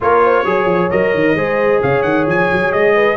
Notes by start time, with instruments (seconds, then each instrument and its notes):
0.00 tuba A#3, trombone F4, horn A#4, trumpet C#5
0.23 horn C5
0.45 tuba F#3, trombone G#4, horn C#5
0.65 tuba F3
0.90 tuba F#3, trombone A#4, trumpet D#5
1.14 tuba D#3
1.34 tuba G#3, trombone G#4, horn C5
1.81 tuba C#3, horn C#5, trumpet F5
2.02 tuba D#3, trumpet F#5
2.26 tuba F3, trumpet G#5
2.51 tuba F#3
2.72 tuba G#3, trumpet D#5
2.94 horn B4